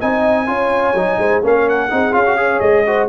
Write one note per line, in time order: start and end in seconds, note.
0.00 0.48 C4
0.00 0.46 D#4
0.00 0.47 D#5
0.00 1.42 G#5
0.46 0.94 C#4
0.46 0.94 F4
0.46 1.19 C#5
0.94 1.17 F#3
0.94 1.42 D#4
1.18 1.42 G#3
1.18 1.43 C5
1.42 1.90 A#3
1.42 1.89 C#4
1.42 1.91 A#4
1.42 1.69 F5
1.69 2.13 F#5
1.90 2.13 C4
1.90 2.11 D#4
1.90 2.38 G#4
2.11 2.60 C#4
2.11 2.23 F4
2.11 2.59 F5
2.26 2.37 F#4
2.37 2.84 G#4
2.37 2.85 C#5
2.59 3.08 G#3
2.59 3.07 D#5
2.86 3.08 F#4
2.86 3.08 C5